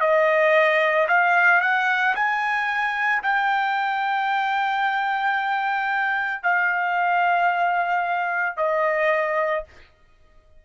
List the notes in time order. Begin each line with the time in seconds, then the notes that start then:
0.00 D#5
1.08 F5
1.61 F#5
2.15 G#5
3.22 G5
6.42 F5
8.57 D#5